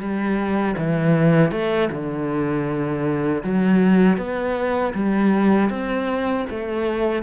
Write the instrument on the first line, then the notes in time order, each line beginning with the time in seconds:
cello
0.00 G3
0.78 E3
1.52 A3
1.91 D3
3.44 F#3
4.18 B3
4.95 G3
5.70 C4
6.50 A3